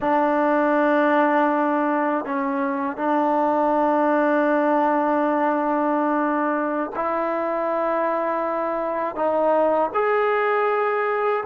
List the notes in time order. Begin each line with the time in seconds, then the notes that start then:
0.00 D4
2.25 C#4
2.97 D4
6.95 E4
9.15 D#4
9.94 G#4